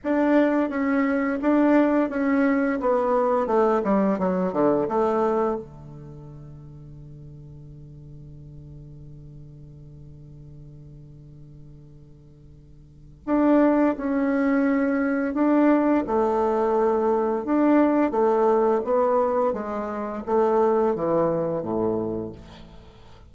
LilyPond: \new Staff \with { instrumentName = "bassoon" } { \time 4/4 \tempo 4 = 86 d'4 cis'4 d'4 cis'4 | b4 a8 g8 fis8 d8 a4 | d1~ | d1~ |
d2. d'4 | cis'2 d'4 a4~ | a4 d'4 a4 b4 | gis4 a4 e4 a,4 | }